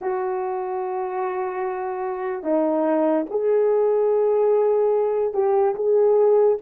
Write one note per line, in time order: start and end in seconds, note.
0.01 2.43 F#4
2.43 3.25 D#4
3.30 5.33 G#4
5.33 5.75 G4
5.75 6.57 G#4